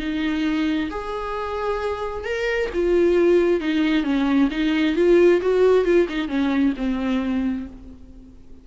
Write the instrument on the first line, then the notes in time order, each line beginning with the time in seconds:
viola
0.00 D#4
0.91 G#4
2.25 A#4
2.74 F4
3.61 D#4
4.04 C#4
4.51 D#4
4.96 F4
5.42 F#4
5.85 F4
6.09 D#4
6.29 C#4
6.77 C4